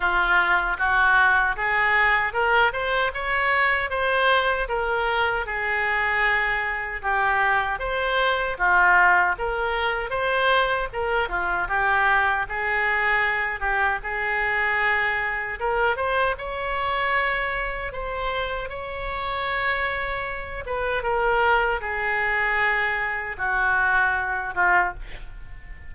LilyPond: \new Staff \with { instrumentName = "oboe" } { \time 4/4 \tempo 4 = 77 f'4 fis'4 gis'4 ais'8 c''8 | cis''4 c''4 ais'4 gis'4~ | gis'4 g'4 c''4 f'4 | ais'4 c''4 ais'8 f'8 g'4 |
gis'4. g'8 gis'2 | ais'8 c''8 cis''2 c''4 | cis''2~ cis''8 b'8 ais'4 | gis'2 fis'4. f'8 | }